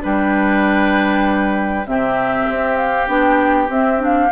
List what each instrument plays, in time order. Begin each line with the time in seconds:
0.00 bassoon G3, clarinet D4, oboe B4, flute G5
1.87 bassoon C3, clarinet C4, oboe G4, flute E5
2.49 bassoon C4
2.77 flute F5
3.08 bassoon B3, clarinet D4, flute G5
3.69 bassoon C4, clarinet C4, flute E5
3.99 clarinet D4, flute F5